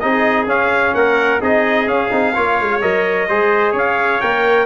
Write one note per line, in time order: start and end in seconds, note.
0.00 0.47 C4
0.00 0.48 D#4
0.00 0.97 G#4
0.00 0.47 D#5
0.47 0.93 C#4
0.47 1.41 C#4
0.47 0.95 F5
0.94 1.41 A#3
0.94 1.41 A#4
0.94 1.41 F#5
1.41 1.87 C4
1.41 1.87 D#4
1.41 2.34 G#4
1.41 1.88 D#5
1.87 2.11 C#4
1.87 2.10 C#4
1.87 2.81 F5
2.10 2.35 C4
2.10 2.33 D#4
2.34 2.60 A#3
2.34 2.81 F4
2.34 3.27 C#5
2.60 2.83 G#3
2.81 3.29 F#3
2.81 3.28 A#4
2.81 3.75 D#5
3.29 3.73 G#3
3.29 4.21 G#4
3.29 3.72 C5
3.72 4.20 C#4
3.72 4.65 C#5
3.72 4.21 F5
4.21 4.66 A#3
4.21 4.66 A#4
4.21 4.66 G5